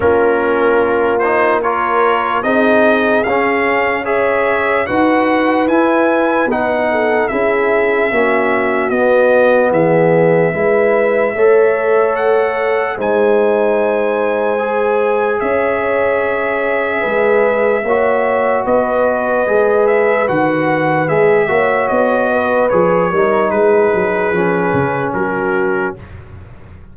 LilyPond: <<
  \new Staff \with { instrumentName = "trumpet" } { \time 4/4 \tempo 4 = 74 ais'4. c''8 cis''4 dis''4 | f''4 e''4 fis''4 gis''4 | fis''4 e''2 dis''4 | e''2. fis''4 |
gis''2. e''4~ | e''2. dis''4~ | dis''8 e''8 fis''4 e''4 dis''4 | cis''4 b'2 ais'4 | }
  \new Staff \with { instrumentName = "horn" } { \time 4/4 f'2 ais'4 gis'4~ | gis'4 cis''4 b'2~ | b'8 a'8 gis'4 fis'2 | gis'4 b'4 cis''2 |
c''2. cis''4~ | cis''4 b'4 cis''4 b'4~ | b'2~ b'8 cis''4 b'8~ | b'8 ais'8 gis'2 fis'4 | }
  \new Staff \with { instrumentName = "trombone" } { \time 4/4 cis'4. dis'8 f'4 dis'4 | cis'4 gis'4 fis'4 e'4 | dis'4 e'4 cis'4 b4~ | b4 e'4 a'2 |
dis'2 gis'2~ | gis'2 fis'2 | gis'4 fis'4 gis'8 fis'4. | gis'8 dis'4. cis'2 | }
  \new Staff \with { instrumentName = "tuba" } { \time 4/4 ais2. c'4 | cis'2 dis'4 e'4 | b4 cis'4 ais4 b4 | e4 gis4 a2 |
gis2. cis'4~ | cis'4 gis4 ais4 b4 | gis4 dis4 gis8 ais8 b4 | f8 g8 gis8 fis8 f8 cis8 fis4 | }
>>